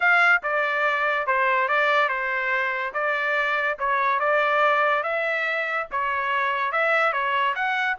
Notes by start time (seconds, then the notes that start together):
0.00 F5
0.43 D5
1.26 C5
1.68 D5
2.09 C5
2.93 D5
3.78 C#5
4.19 D5
5.03 E5
5.91 C#5
6.72 E5
7.12 C#5
7.55 F#5